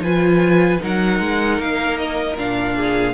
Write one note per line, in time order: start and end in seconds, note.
0.00 0.78 F3
0.00 0.80 F4
0.00 0.81 B4
0.00 0.81 G#5
0.80 1.20 F#3
0.80 2.36 D#4
0.80 2.75 A#4
0.80 1.61 F#5
1.20 1.59 G#3
1.59 2.37 A#3
1.59 1.98 F5
1.98 2.37 D#5
2.38 3.14 A#2
2.38 3.14 D4
2.38 3.14 F5
2.75 3.14 G#4